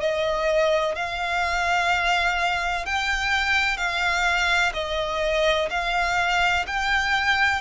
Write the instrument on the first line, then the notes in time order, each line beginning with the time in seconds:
violin
0.00 D#5
0.95 F5
2.86 G5
3.77 F5
4.74 D#5
5.71 F5
6.67 G5